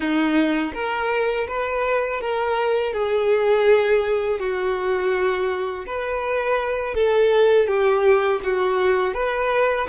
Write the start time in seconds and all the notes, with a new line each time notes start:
0.00 D#4
0.74 A#4
1.47 B4
2.20 A#4
2.93 G#4
4.39 F#4
5.86 B4
6.94 A4
7.67 G4
8.43 F#4
9.14 B4